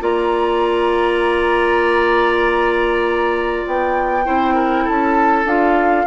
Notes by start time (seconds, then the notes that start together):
0.00 A#3 F4 D5 A#5
3.67 B3 G5
4.24 C4 E4 C5
4.55 A#4
4.84 C#4 A4 A5
5.46 D4 F4 F5